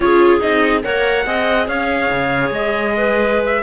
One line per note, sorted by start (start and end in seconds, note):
0.00 0.40 C#4
0.00 0.40 F4
0.00 0.84 G#4
0.00 0.41 C#5
0.40 0.83 C4
0.40 0.82 D#4
0.40 0.83 D#5
0.82 1.26 A#3
0.82 1.24 A#4
0.82 1.26 C#5
0.82 1.67 F#5
1.25 1.67 C4
1.25 3.62 G#4
1.25 1.68 D#5
1.67 2.10 C#4
1.67 2.94 C#5
1.67 2.51 F5
2.10 2.50 C#3
2.50 3.62 G#3
2.50 3.45 D#5
2.97 3.62 B4
3.45 3.62 E5